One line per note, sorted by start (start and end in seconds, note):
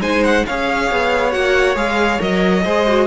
0.00 0.44 G#3
0.00 0.45 D#4
0.00 0.45 C5
0.00 0.23 G#5
0.24 0.45 F#5
0.46 0.91 C#4
0.46 1.32 G#4
0.46 2.64 C#5
0.46 1.32 F5
0.91 1.35 B3
1.32 1.75 A#3
1.32 1.76 F#4
1.32 1.75 F#5
1.75 2.19 G#3
1.75 2.19 G#4
1.75 2.21 F5
2.19 2.65 F#3
2.19 2.63 A#4
2.19 3.07 D#5
2.64 3.07 G#3
2.64 2.87 G#4
2.64 3.07 C5
2.87 3.07 F#4